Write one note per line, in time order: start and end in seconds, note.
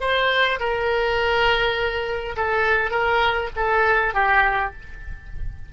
0.00 0.59 C5
0.59 2.36 A#4
2.36 2.90 A4
2.90 3.49 A#4
3.56 4.14 A4
4.14 4.72 G4